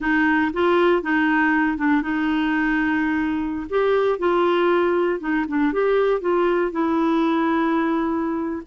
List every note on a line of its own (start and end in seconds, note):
0.00 0.51 D#4
0.53 1.02 F4
1.02 1.77 D#4
1.77 2.02 D4
2.02 3.67 D#4
3.69 4.18 G4
4.18 5.20 F4
5.20 5.45 D#4
5.48 5.72 D4
5.72 6.21 G4
6.21 6.71 F4
6.71 8.62 E4